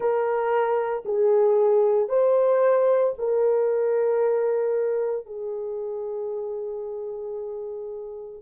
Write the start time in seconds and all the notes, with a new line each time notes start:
0.00 A#4
1.05 G#4
2.08 C5
3.18 A#4
5.25 G#4